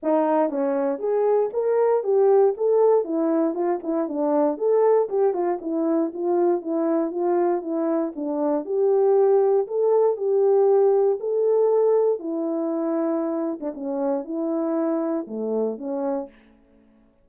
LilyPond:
\new Staff \with { instrumentName = "horn" } { \time 4/4 \tempo 4 = 118 dis'4 cis'4 gis'4 ais'4 | g'4 a'4 e'4 f'8 e'8 | d'4 a'4 g'8 f'8 e'4 | f'4 e'4 f'4 e'4 |
d'4 g'2 a'4 | g'2 a'2 | e'2~ e'8. d'16 cis'4 | e'2 a4 cis'4 | }